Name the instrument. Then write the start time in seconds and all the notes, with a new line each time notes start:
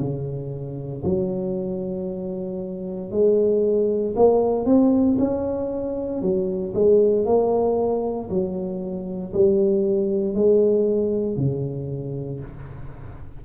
tuba
0.00 C#3
1.05 F#3
3.11 G#3
4.16 A#3
4.66 C4
5.19 C#4
6.22 F#3
6.74 G#3
7.26 A#3
8.29 F#3
9.34 G3
10.34 G#3
11.37 C#3